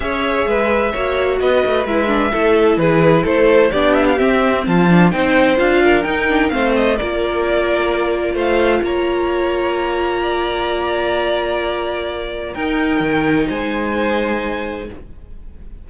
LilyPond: <<
  \new Staff \with { instrumentName = "violin" } { \time 4/4 \tempo 4 = 129 e''2. dis''4 | e''2 b'4 c''4 | d''8 e''16 f''16 e''4 a''4 g''4 | f''4 g''4 f''8 dis''8 d''4~ |
d''2 f''4 ais''4~ | ais''1~ | ais''2. g''4~ | g''4 gis''2. | }
  \new Staff \with { instrumentName = "violin" } { \time 4/4 cis''4 b'4 cis''4 b'4~ | b'4 a'4 gis'4 a'4 | g'2 f'4 c''4~ | c''8 ais'4. c''4 ais'4~ |
ais'2 c''4 cis''4~ | cis''2 d''2~ | d''2. ais'4~ | ais'4 c''2. | }
  \new Staff \with { instrumentName = "viola" } { \time 4/4 gis'2 fis'2 | e'8 d'8 e'2. | d'4 c'4. d'8 dis'4 | f'4 dis'8 d'8 c'4 f'4~ |
f'1~ | f'1~ | f'2. dis'4~ | dis'1 | }
  \new Staff \with { instrumentName = "cello" } { \time 4/4 cis'4 gis4 ais4 b8 a8 | gis4 a4 e4 a4 | b4 c'4 f4 c'4 | d'4 dis'4 a4 ais4~ |
ais2 a4 ais4~ | ais1~ | ais2. dis'4 | dis4 gis2. | }
>>